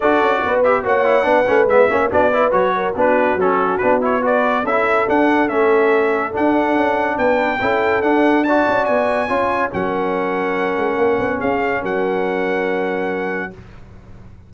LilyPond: <<
  \new Staff \with { instrumentName = "trumpet" } { \time 4/4 \tempo 4 = 142 d''4. e''8 fis''2 | e''4 d''4 cis''4 b'4 | a'4 b'8 cis''8 d''4 e''4 | fis''4 e''2 fis''4~ |
fis''4 g''2 fis''4 | a''4 gis''2 fis''4~ | fis''2. f''4 | fis''1 | }
  \new Staff \with { instrumentName = "horn" } { \time 4/4 a'4 b'4 cis''4 b'4~ | b'8 cis''8 fis'8 b'4 ais'8 fis'4~ | fis'2 b'4 a'4~ | a'1~ |
a'4 b'4 a'2 | d''2 cis''4 ais'4~ | ais'2. gis'4 | ais'1 | }
  \new Staff \with { instrumentName = "trombone" } { \time 4/4 fis'4. g'8 fis'8 e'8 d'8 cis'8 | b8 cis'8 d'8 e'8 fis'4 d'4 | cis'4 d'8 e'8 fis'4 e'4 | d'4 cis'2 d'4~ |
d'2 e'4 d'4 | fis'2 f'4 cis'4~ | cis'1~ | cis'1 | }
  \new Staff \with { instrumentName = "tuba" } { \time 4/4 d'8 cis'8 b4 ais4 b8 a8 | gis8 ais8 b4 fis4 b4 | fis4 b2 cis'4 | d'4 a2 d'4 |
cis'4 b4 cis'4 d'4~ | d'8 cis'8 b4 cis'4 fis4~ | fis4. gis8 ais8 b8 cis'4 | fis1 | }
>>